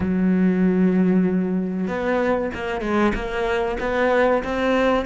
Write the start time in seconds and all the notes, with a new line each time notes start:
0.00 F#3
1.87 B3
2.54 A#3
2.81 G#3
3.14 A#3
3.80 B3
4.43 C4